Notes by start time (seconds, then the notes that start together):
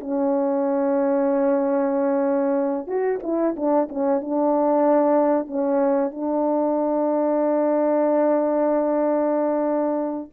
0.00 C#4
2.87 F#4
3.23 E4
3.56 D4
3.89 C#4
4.21 D4
5.46 C#4
6.11 D4